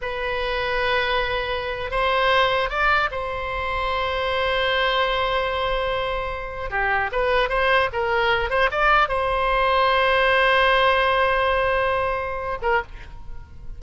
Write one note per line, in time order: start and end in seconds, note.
0.01 1.90 B4
1.90 2.69 C5
2.69 3.09 D5
3.11 6.70 C5
6.70 7.10 G4
7.12 7.49 B4
7.49 7.89 C5
7.92 8.49 A#4
8.49 8.69 C5
8.71 9.08 D5
9.08 12.58 C5
12.61 12.81 A#4